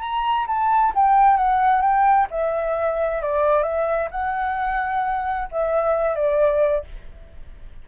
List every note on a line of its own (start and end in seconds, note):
0.00 0.46 A#5
0.47 0.93 A5
0.95 1.37 G5
1.37 1.81 F#5
1.81 2.27 G5
2.31 3.22 E5
3.22 3.63 D5
3.63 4.09 E5
4.11 5.48 F#5
5.51 6.15 E5
6.15 6.84 D5